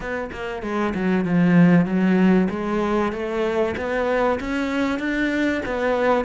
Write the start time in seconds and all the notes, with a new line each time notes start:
0.00 B3
0.32 A#3
0.62 G#3
0.94 F#3
1.24 F3
1.85 F#3
2.50 G#3
3.12 A3
3.76 B3
4.40 C#4
4.99 D4
5.65 B3